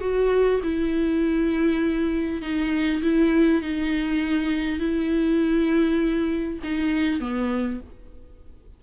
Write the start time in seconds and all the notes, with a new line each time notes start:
0.00 F#4
0.63 E4
2.41 D#4
3.02 E4
3.61 D#4
4.79 E4
6.63 D#4
7.20 B3